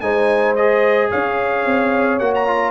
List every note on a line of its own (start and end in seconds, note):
0.00 1.10 G#3
0.00 0.56 D#4
0.00 1.10 C5
0.00 0.55 G#5
0.55 2.20 G#4
0.55 1.10 D#5
1.10 1.65 C#4
1.10 2.71 C#5
1.10 2.19 F5
1.65 2.20 C4
2.19 2.71 A#3
2.19 2.47 F#4
2.19 2.33 F#5
2.34 2.71 A#5
2.47 2.71 F4